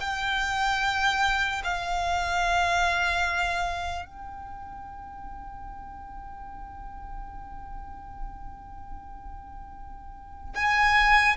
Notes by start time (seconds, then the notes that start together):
0.00 G5
1.64 F5
4.05 G5
10.55 G#5